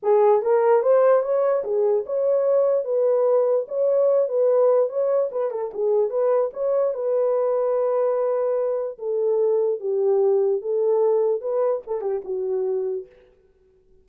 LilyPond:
\new Staff \with { instrumentName = "horn" } { \time 4/4 \tempo 4 = 147 gis'4 ais'4 c''4 cis''4 | gis'4 cis''2 b'4~ | b'4 cis''4. b'4. | cis''4 b'8 a'8 gis'4 b'4 |
cis''4 b'2.~ | b'2 a'2 | g'2 a'2 | b'4 a'8 g'8 fis'2 | }